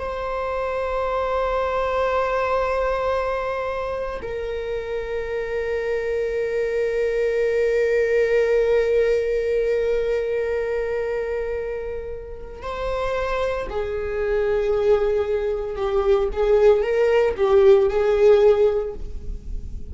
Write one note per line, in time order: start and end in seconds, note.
0.00 4.21 C5
4.22 12.63 A#4
12.63 13.68 C5
13.70 15.77 G#4
15.77 16.29 G4
16.33 16.83 G#4
16.83 17.35 A#4
17.37 17.89 G4
17.89 18.95 G#4